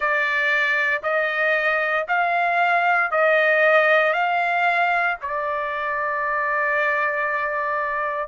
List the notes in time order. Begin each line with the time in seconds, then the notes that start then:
0.00 D5
1.03 D#5
2.07 F5
3.11 D#5
4.13 F5
5.21 D5